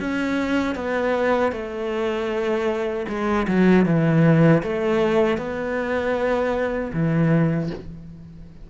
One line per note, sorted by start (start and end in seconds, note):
0.00 0.75 C#4
0.75 1.52 B3
1.52 3.06 A3
3.08 3.47 G#3
3.48 3.86 F#3
3.86 4.63 E3
4.63 5.37 A3
5.37 6.91 B3
6.93 7.70 E3